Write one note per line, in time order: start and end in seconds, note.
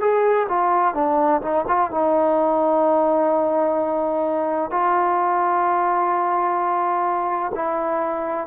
0.00 0.47 G#4
0.49 0.94 F4
0.94 1.41 D4
1.41 1.65 D#4
1.67 1.91 F4
1.91 4.71 D#4
4.71 7.52 F4
7.55 8.47 E4